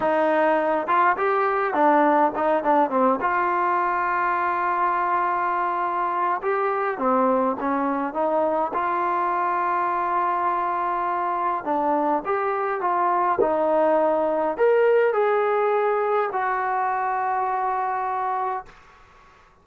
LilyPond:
\new Staff \with { instrumentName = "trombone" } { \time 4/4 \tempo 4 = 103 dis'4. f'8 g'4 d'4 | dis'8 d'8 c'8 f'2~ f'8~ | f'2. g'4 | c'4 cis'4 dis'4 f'4~ |
f'1 | d'4 g'4 f'4 dis'4~ | dis'4 ais'4 gis'2 | fis'1 | }